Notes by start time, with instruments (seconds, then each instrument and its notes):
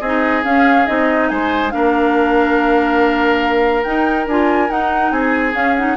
0.00 bassoon C4, clarinet D#4, oboe G#4, flute D#5
0.43 clarinet C#4, bassoon C#4, flute F5
0.86 bassoon C4, clarinet D#4, flute D#5
1.28 bassoon G#3, oboe C5, flute G#5
1.70 bassoon A#3, clarinet D4, oboe A#4, flute F5
3.83 clarinet D#4, bassoon D#4, flute G5
4.26 bassoon D4, clarinet F4, flute G#5
4.69 clarinet D#4, bassoon D#4, flute F#5
5.11 bassoon C4, oboe G#4, flute G#5
5.53 clarinet C#4, bassoon C#4, flute F5
5.76 clarinet D#4, flute F#5